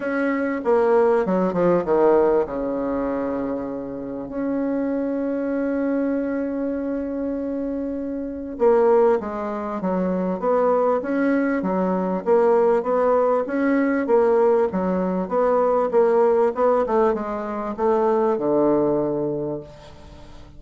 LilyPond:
\new Staff \with { instrumentName = "bassoon" } { \time 4/4 \tempo 4 = 98 cis'4 ais4 fis8 f8 dis4 | cis2. cis'4~ | cis'1~ | cis'2 ais4 gis4 |
fis4 b4 cis'4 fis4 | ais4 b4 cis'4 ais4 | fis4 b4 ais4 b8 a8 | gis4 a4 d2 | }